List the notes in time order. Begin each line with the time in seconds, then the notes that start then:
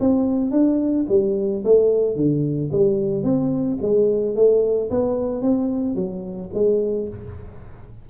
0.00 C4
0.51 D4
1.09 G3
1.64 A3
2.16 D3
2.72 G3
3.23 C4
3.82 G#3
4.36 A3
4.90 B3
5.42 C4
5.95 F#3
6.54 G#3